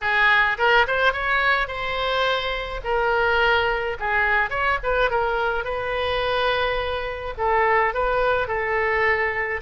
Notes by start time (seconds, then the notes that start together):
0.01 G#4
0.58 A#4
0.87 C5
1.12 C#5
1.67 C5
2.84 A#4
3.99 G#4
4.50 C#5
4.83 B4
5.10 A#4
5.64 B4
7.37 A4
7.94 B4
8.47 A4